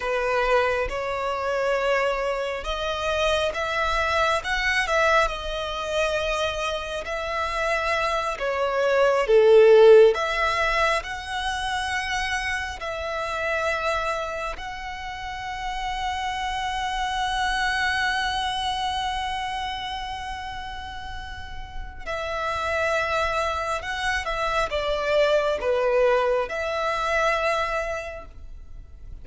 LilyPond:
\new Staff \with { instrumentName = "violin" } { \time 4/4 \tempo 4 = 68 b'4 cis''2 dis''4 | e''4 fis''8 e''8 dis''2 | e''4. cis''4 a'4 e''8~ | e''8 fis''2 e''4.~ |
e''8 fis''2.~ fis''8~ | fis''1~ | fis''4 e''2 fis''8 e''8 | d''4 b'4 e''2 | }